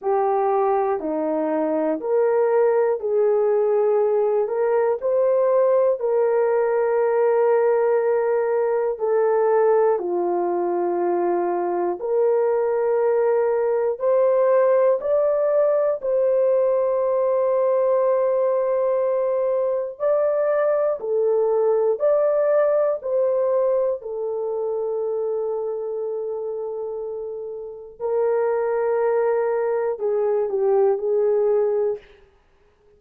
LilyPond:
\new Staff \with { instrumentName = "horn" } { \time 4/4 \tempo 4 = 60 g'4 dis'4 ais'4 gis'4~ | gis'8 ais'8 c''4 ais'2~ | ais'4 a'4 f'2 | ais'2 c''4 d''4 |
c''1 | d''4 a'4 d''4 c''4 | a'1 | ais'2 gis'8 g'8 gis'4 | }